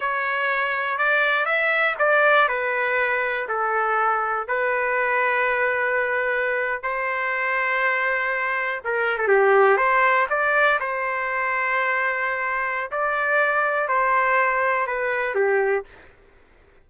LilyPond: \new Staff \with { instrumentName = "trumpet" } { \time 4/4 \tempo 4 = 121 cis''2 d''4 e''4 | d''4 b'2 a'4~ | a'4 b'2.~ | b'4.~ b'16 c''2~ c''16~ |
c''4.~ c''16 ais'8. a'16 g'4 c''16~ | c''8. d''4 c''2~ c''16~ | c''2 d''2 | c''2 b'4 g'4 | }